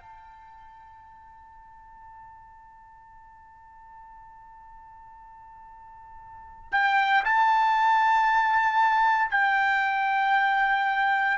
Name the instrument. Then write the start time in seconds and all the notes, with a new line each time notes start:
trumpet
0.00 A5
6.71 G5
7.24 A5
9.30 G5